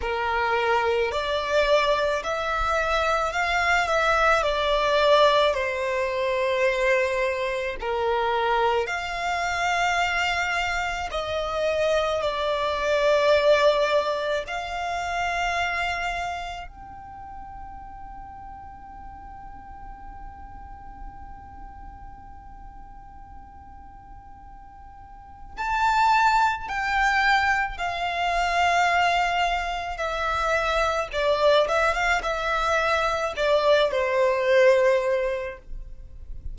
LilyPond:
\new Staff \with { instrumentName = "violin" } { \time 4/4 \tempo 4 = 54 ais'4 d''4 e''4 f''8 e''8 | d''4 c''2 ais'4 | f''2 dis''4 d''4~ | d''4 f''2 g''4~ |
g''1~ | g''2. a''4 | g''4 f''2 e''4 | d''8 e''16 f''16 e''4 d''8 c''4. | }